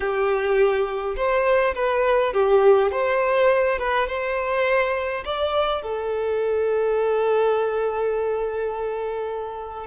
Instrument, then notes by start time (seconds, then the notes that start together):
violin
0.00 G4
1.16 C5
1.74 B4
2.33 G4
2.91 C5
3.79 B4
4.07 C5
5.24 D5
5.81 A4